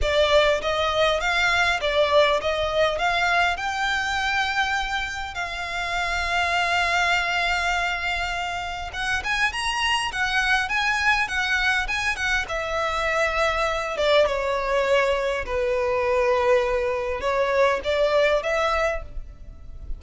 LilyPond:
\new Staff \with { instrumentName = "violin" } { \time 4/4 \tempo 4 = 101 d''4 dis''4 f''4 d''4 | dis''4 f''4 g''2~ | g''4 f''2.~ | f''2. fis''8 gis''8 |
ais''4 fis''4 gis''4 fis''4 | gis''8 fis''8 e''2~ e''8 d''8 | cis''2 b'2~ | b'4 cis''4 d''4 e''4 | }